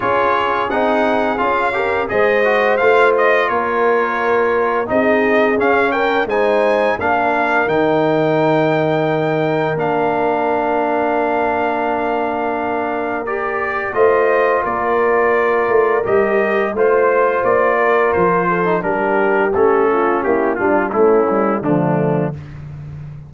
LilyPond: <<
  \new Staff \with { instrumentName = "trumpet" } { \time 4/4 \tempo 4 = 86 cis''4 fis''4 f''4 dis''4 | f''8 dis''8 cis''2 dis''4 | f''8 g''8 gis''4 f''4 g''4~ | g''2 f''2~ |
f''2. d''4 | dis''4 d''2 dis''4 | c''4 d''4 c''4 ais'4 | a'4 g'8 f'8 e'4 d'4 | }
  \new Staff \with { instrumentName = "horn" } { \time 4/4 gis'2~ gis'8 ais'8 c''4~ | c''4 ais'2 gis'4~ | gis'8 ais'8 c''4 ais'2~ | ais'1~ |
ais'1 | c''4 ais'2. | c''4. ais'4 a'8 g'4~ | g'8 f'8 e'8 d'8 cis'4 a4 | }
  \new Staff \with { instrumentName = "trombone" } { \time 4/4 f'4 dis'4 f'8 g'8 gis'8 fis'8 | f'2. dis'4 | cis'4 dis'4 d'4 dis'4~ | dis'2 d'2~ |
d'2. g'4 | f'2. g'4 | f'2~ f'8. dis'16 d'4 | cis'4. d'8 a8 g8 f4 | }
  \new Staff \with { instrumentName = "tuba" } { \time 4/4 cis'4 c'4 cis'4 gis4 | a4 ais2 c'4 | cis'4 gis4 ais4 dis4~ | dis2 ais2~ |
ais1 | a4 ais4. a8 g4 | a4 ais4 f4 g4 | a4 ais8 g8 a4 d4 | }
>>